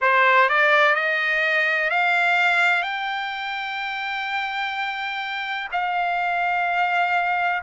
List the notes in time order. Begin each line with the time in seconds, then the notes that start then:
0.01 C5
0.48 D5
0.95 D#5
1.90 F5
2.82 G5
5.71 F5